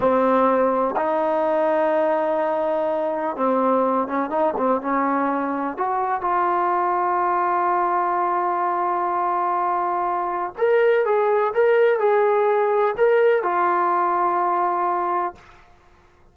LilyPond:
\new Staff \with { instrumentName = "trombone" } { \time 4/4 \tempo 4 = 125 c'2 dis'2~ | dis'2. c'4~ | c'8 cis'8 dis'8 c'8 cis'2 | fis'4 f'2.~ |
f'1~ | f'2 ais'4 gis'4 | ais'4 gis'2 ais'4 | f'1 | }